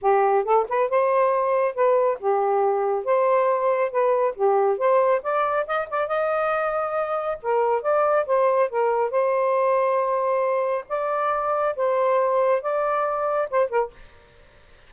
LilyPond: \new Staff \with { instrumentName = "saxophone" } { \time 4/4 \tempo 4 = 138 g'4 a'8 b'8 c''2 | b'4 g'2 c''4~ | c''4 b'4 g'4 c''4 | d''4 dis''8 d''8 dis''2~ |
dis''4 ais'4 d''4 c''4 | ais'4 c''2.~ | c''4 d''2 c''4~ | c''4 d''2 c''8 ais'8 | }